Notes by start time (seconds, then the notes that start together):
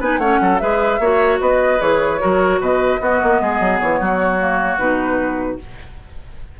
0.00 B3 D#4 B4 G#5
0.18 A3 C#4 C#5 F#5
0.41 F#3 A4
0.59 G#3 G#4 B4 E5
0.99 A#3 F#4 C#5
1.40 B3 B4 D#5
1.79 E3 G#4 C#5
2.19 F#3 F#4 A#4
2.60 B2 B4 D#5
3.00 B3 F#4
3.23 A#3
3.41 G#3 G#4
3.60 F#3
3.79 E3 C#5
4.00 F#3 F#4
4.39 A#3
4.77 B2 D#4 B4